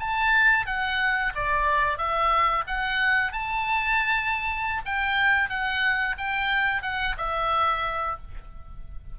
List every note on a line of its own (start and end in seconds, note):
0.00 0.67 A5
0.67 1.33 F#5
1.35 1.98 D5
1.98 2.65 E5
2.67 3.32 F#5
3.32 4.82 A5
4.85 5.49 G5
5.49 6.16 F#5
6.18 6.82 G5
6.82 7.16 F#5
7.18 8.18 E5